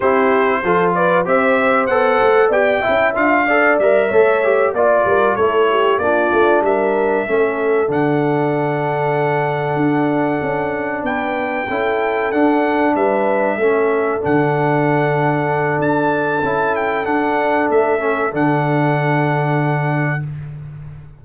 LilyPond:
<<
  \new Staff \with { instrumentName = "trumpet" } { \time 4/4 \tempo 4 = 95 c''4. d''8 e''4 fis''4 | g''4 f''4 e''4. d''8~ | d''8 cis''4 d''4 e''4.~ | e''8 fis''2.~ fis''8~ |
fis''4. g''2 fis''8~ | fis''8 e''2 fis''4.~ | fis''4 a''4. g''8 fis''4 | e''4 fis''2. | }
  \new Staff \with { instrumentName = "horn" } { \time 4/4 g'4 a'8 b'8 c''2 | d''8 e''4 d''4 cis''4 d''8 | ais'8 a'8 g'8 f'4 ais'4 a'8~ | a'1~ |
a'4. b'4 a'4.~ | a'8 b'4 a'2~ a'8~ | a'1~ | a'1 | }
  \new Staff \with { instrumentName = "trombone" } { \time 4/4 e'4 f'4 g'4 a'4 | g'8 e'8 f'8 a'8 ais'8 a'8 g'8 f'8~ | f'8 e'4 d'2 cis'8~ | cis'8 d'2.~ d'8~ |
d'2~ d'8 e'4 d'8~ | d'4. cis'4 d'4.~ | d'2 e'4 d'4~ | d'8 cis'8 d'2. | }
  \new Staff \with { instrumentName = "tuba" } { \time 4/4 c'4 f4 c'4 b8 a8 | b8 cis'8 d'4 g8 a4 ais8 | g8 a4 ais8 a8 g4 a8~ | a8 d2. d'8~ |
d'8 cis'4 b4 cis'4 d'8~ | d'8 g4 a4 d4.~ | d4 d'4 cis'4 d'4 | a4 d2. | }
>>